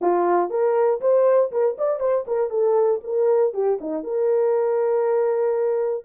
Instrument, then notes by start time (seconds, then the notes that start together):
horn
0.01 F4
0.50 A#4
1.01 C5
1.51 A#4
1.78 D5
2.00 C5
2.27 A#4
2.50 A4
3.03 A#4
3.53 G4
3.80 D#4
4.03 A#4